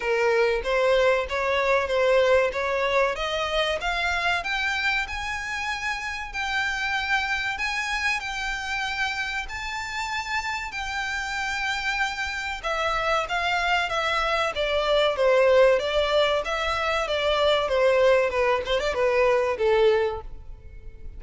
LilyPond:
\new Staff \with { instrumentName = "violin" } { \time 4/4 \tempo 4 = 95 ais'4 c''4 cis''4 c''4 | cis''4 dis''4 f''4 g''4 | gis''2 g''2 | gis''4 g''2 a''4~ |
a''4 g''2. | e''4 f''4 e''4 d''4 | c''4 d''4 e''4 d''4 | c''4 b'8 c''16 d''16 b'4 a'4 | }